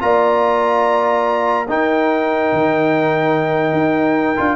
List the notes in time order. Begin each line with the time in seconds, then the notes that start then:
0.00 A#3 F4 D5 A#5
1.68 D#4 A#4 G5
2.53 D#3
3.73 D#4
4.37 D4 F4